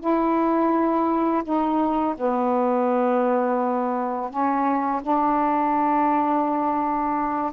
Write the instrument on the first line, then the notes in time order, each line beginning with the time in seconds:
saxophone
0.00 E4
1.43 D#4
2.17 B3
4.30 C#4
5.02 D4